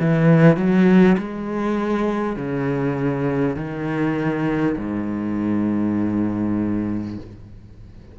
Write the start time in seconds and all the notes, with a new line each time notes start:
0.00 E3
0.57 F#3
1.18 G#3
2.37 C#3
3.57 D#3
4.78 G#2